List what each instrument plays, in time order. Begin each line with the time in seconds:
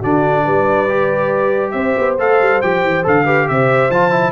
0.00 tuba D3, trombone D4, horn F#4, trumpet D5
0.45 tuba G3, horn B4
0.89 trombone G4
1.72 tuba C4, horn C5, trumpet E5
1.98 tuba B3
2.19 tuba A3, trombone A4, trumpet F5
2.41 tuba G3
2.62 tuba F3, trombone G4, trumpet G5
2.84 tuba E3
3.04 tuba D3, trombone A4, trumpet F5
3.25 trombone G4, horn B4
3.49 tuba C3, horn C5, trumpet E5
3.90 tuba F3, trombone F4, trumpet A5
4.12 trombone E4